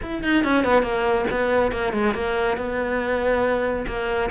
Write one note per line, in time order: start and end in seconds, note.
0.02 0.23 E4
0.23 0.44 D#4
0.44 0.64 C#4
0.64 0.82 B3
0.82 1.25 A#3
1.30 1.71 B3
1.71 1.92 A#3
1.92 2.14 G#3
2.14 2.57 A#3
2.57 3.85 B3
3.87 4.30 A#3